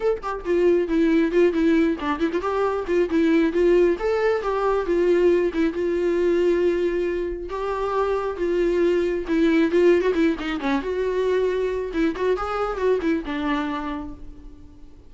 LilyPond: \new Staff \with { instrumentName = "viola" } { \time 4/4 \tempo 4 = 136 a'8 g'8 f'4 e'4 f'8 e'8~ | e'8 d'8 e'16 f'16 g'4 f'8 e'4 | f'4 a'4 g'4 f'4~ | f'8 e'8 f'2.~ |
f'4 g'2 f'4~ | f'4 e'4 f'8. fis'16 e'8 dis'8 | cis'8 fis'2~ fis'8 e'8 fis'8 | gis'4 fis'8 e'8 d'2 | }